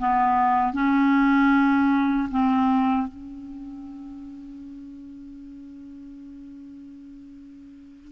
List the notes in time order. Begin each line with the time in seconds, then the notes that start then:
0.00 B3
0.74 C#4
2.31 C4
3.08 C#4